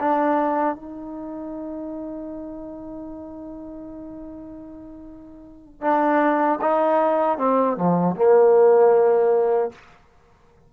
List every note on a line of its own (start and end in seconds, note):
0.00 0.75 D4
0.75 5.81 D#4
5.81 6.59 D4
6.61 7.38 D#4
7.38 7.77 C4
7.77 8.16 F3
8.16 9.72 A#3